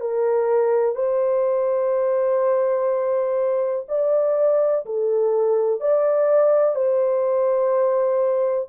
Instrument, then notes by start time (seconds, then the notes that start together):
horn
0.00 A#4
0.95 C5
3.88 D5
4.86 A4
5.81 D5
6.75 C5